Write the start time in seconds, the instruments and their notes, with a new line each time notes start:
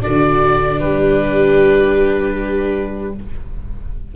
0.00 viola D4 F#4, oboe D5
0.06 tuba D3
0.80 tuba G3, viola G4, oboe B4